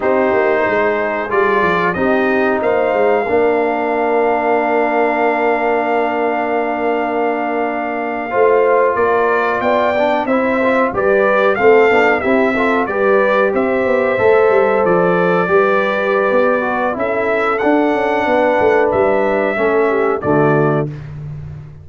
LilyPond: <<
  \new Staff \with { instrumentName = "trumpet" } { \time 4/4 \tempo 4 = 92 c''2 d''4 dis''4 | f''1~ | f''1~ | f''4.~ f''16 d''4 g''4 e''16~ |
e''8. d''4 f''4 e''4 d''16~ | d''8. e''2 d''4~ d''16~ | d''2 e''4 fis''4~ | fis''4 e''2 d''4 | }
  \new Staff \with { instrumentName = "horn" } { \time 4/4 g'4 gis'2 g'4 | c''4 ais'2.~ | ais'1~ | ais'8. c''4 ais'4 d''4 c''16~ |
c''8. b'4 a'4 g'8 a'8 b'16~ | b'8. c''2. b'16~ | b'2 a'2 | b'2 a'8 g'8 fis'4 | }
  \new Staff \with { instrumentName = "trombone" } { \time 4/4 dis'2 f'4 dis'4~ | dis'4 d'2.~ | d'1~ | d'8. f'2~ f'8 d'8 e'16~ |
e'16 f'8 g'4 c'8 d'8 e'8 f'8 g'16~ | g'4.~ g'16 a'2 g'16~ | g'4. fis'8 e'4 d'4~ | d'2 cis'4 a4 | }
  \new Staff \with { instrumentName = "tuba" } { \time 4/4 c'8 ais8 gis4 g8 f8 c'4 | ais8 gis8 ais2.~ | ais1~ | ais8. a4 ais4 b4 c'16~ |
c'8. g4 a8 b8 c'4 g16~ | g8. c'8 b8 a8 g8 f4 g16~ | g4 b4 cis'4 d'8 cis'8 | b8 a8 g4 a4 d4 | }
>>